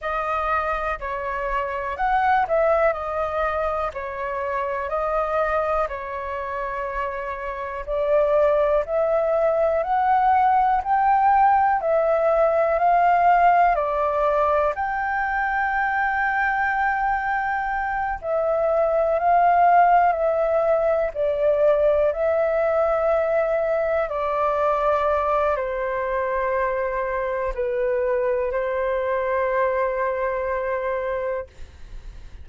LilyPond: \new Staff \with { instrumentName = "flute" } { \time 4/4 \tempo 4 = 61 dis''4 cis''4 fis''8 e''8 dis''4 | cis''4 dis''4 cis''2 | d''4 e''4 fis''4 g''4 | e''4 f''4 d''4 g''4~ |
g''2~ g''8 e''4 f''8~ | f''8 e''4 d''4 e''4.~ | e''8 d''4. c''2 | b'4 c''2. | }